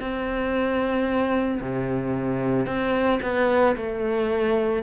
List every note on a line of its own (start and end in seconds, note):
0.00 1.61 C4
1.61 2.66 C3
2.66 3.19 C4
3.22 3.75 B3
3.76 4.82 A3